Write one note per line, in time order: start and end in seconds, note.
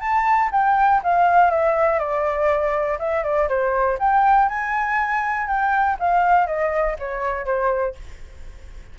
0.00 0.50 A5
0.52 1.01 G5
1.03 1.50 F5
1.50 1.99 E5
1.99 2.98 D5
2.99 3.23 E5
3.23 3.48 D5
3.48 3.98 C5
3.99 4.48 G5
4.48 5.47 G#5
5.47 5.97 G5
5.99 6.46 F5
6.46 6.96 D#5
6.99 7.45 C#5
7.45 7.95 C5